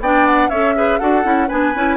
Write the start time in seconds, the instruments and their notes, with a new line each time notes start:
0.00 bassoon B3, clarinet D4, oboe D5, flute G5
0.26 flute F#5
0.50 bassoon C#4, clarinet A4, oboe C#5, flute E5
0.76 clarinet G#4, oboe B4
0.99 bassoon D4, clarinet F#4, oboe A4, flute F#5
1.23 bassoon C#4, clarinet E4
1.48 bassoon B3, clarinet D4, oboe B4, flute G#5
1.76 bassoon C#4, clarinet E4